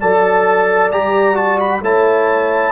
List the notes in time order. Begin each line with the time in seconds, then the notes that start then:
0.00 F#3 A4 D5 A5
0.91 G3 G4 A#5
1.34 F#4 A5
1.60 B5
1.81 A3 E4 C#5 A5